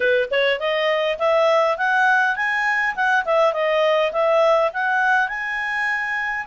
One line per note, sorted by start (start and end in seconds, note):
0.00 0.29 B4
0.30 0.59 C#5
0.59 1.18 D#5
1.18 1.77 E5
1.77 2.36 F#5
2.36 2.95 G#5
2.95 3.25 F#5
3.25 3.53 E5
3.53 4.12 D#5
4.12 4.71 E5
4.73 5.28 F#5
5.28 6.46 G#5